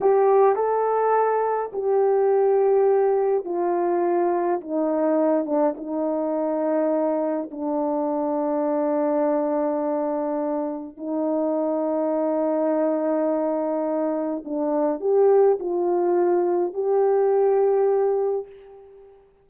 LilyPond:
\new Staff \with { instrumentName = "horn" } { \time 4/4 \tempo 4 = 104 g'4 a'2 g'4~ | g'2 f'2 | dis'4. d'8 dis'2~ | dis'4 d'2.~ |
d'2. dis'4~ | dis'1~ | dis'4 d'4 g'4 f'4~ | f'4 g'2. | }